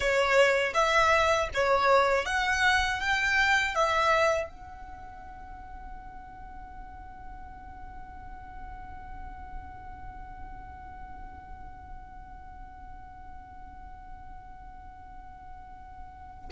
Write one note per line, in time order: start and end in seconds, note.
0.00 0.73 C#5
0.73 1.48 E5
1.54 2.25 C#5
2.25 3.00 F#5
3.00 3.75 G5
3.75 4.49 E5
4.49 16.49 F#5